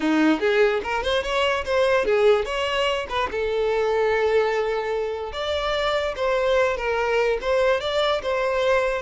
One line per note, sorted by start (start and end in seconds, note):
0.00 0.40 D#4
0.40 0.81 G#4
0.83 1.03 A#4
1.03 1.23 C5
1.23 1.64 C#5
1.65 2.05 C5
2.05 2.45 G#4
2.45 3.07 C#5
3.09 3.29 B4
3.31 5.32 A4
5.32 6.14 D5
6.16 6.76 C5
6.76 7.38 A#4
7.41 7.80 C5
7.80 8.21 D5
8.22 9.01 C5